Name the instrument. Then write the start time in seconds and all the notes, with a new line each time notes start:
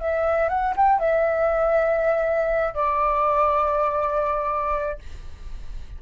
flute
0.00 E5
0.49 F#5
0.76 G5
0.99 E5
2.74 D5